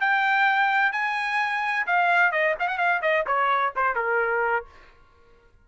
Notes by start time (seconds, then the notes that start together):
0.00 G5
0.92 G#5
1.87 F5
2.32 D#5
2.59 F5
2.68 F#5
2.77 F5
3.02 D#5
3.26 C#5
3.76 C5
3.95 A#4